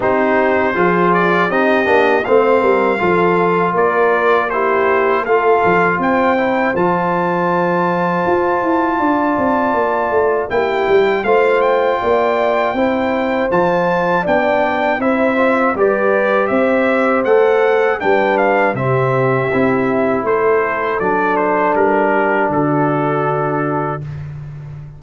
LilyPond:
<<
  \new Staff \with { instrumentName = "trumpet" } { \time 4/4 \tempo 4 = 80 c''4. d''8 dis''4 f''4~ | f''4 d''4 c''4 f''4 | g''4 a''2.~ | a''2 g''4 f''8 g''8~ |
g''2 a''4 g''4 | e''4 d''4 e''4 fis''4 | g''8 f''8 e''2 c''4 | d''8 c''8 ais'4 a'2 | }
  \new Staff \with { instrumentName = "horn" } { \time 4/4 g'4 gis'4 g'4 c''8 ais'8 | a'4 ais'4 g'4 a'4 | c''1 | d''2 g'4 c''4 |
d''4 c''2 d''4 | c''4 b'4 c''2 | b'4 g'2 a'4~ | a'4. g'8 fis'2 | }
  \new Staff \with { instrumentName = "trombone" } { \time 4/4 dis'4 f'4 dis'8 d'8 c'4 | f'2 e'4 f'4~ | f'8 e'8 f'2.~ | f'2 e'4 f'4~ |
f'4 e'4 f'4 d'4 | e'8 f'8 g'2 a'4 | d'4 c'4 e'2 | d'1 | }
  \new Staff \with { instrumentName = "tuba" } { \time 4/4 c'4 f4 c'8 ais8 a8 g8 | f4 ais2 a8 f8 | c'4 f2 f'8 e'8 | d'8 c'8 ais8 a8 ais8 g8 a4 |
ais4 c'4 f4 b4 | c'4 g4 c'4 a4 | g4 c4 c'4 a4 | fis4 g4 d2 | }
>>